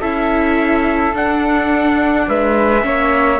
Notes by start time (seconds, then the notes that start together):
0.00 C#4 E4 A4 E5
1.13 D4 F#5
2.28 G#3 B4 E5
2.82 A#3 C#4 C#5